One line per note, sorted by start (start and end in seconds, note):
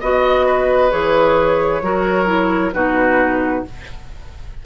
0.00 0.92 B3
0.00 0.90 F#4
0.00 0.45 D#5
0.00 0.91 D#5
0.45 1.82 B4
0.90 1.81 E3
0.90 1.81 G#4
0.90 2.72 C#5
1.81 2.72 F#3
1.81 2.26 F#4
1.81 2.74 A#4
2.26 2.71 E4
2.72 3.64 B2
2.72 3.65 D#4
2.72 3.65 F#4
2.72 3.63 B4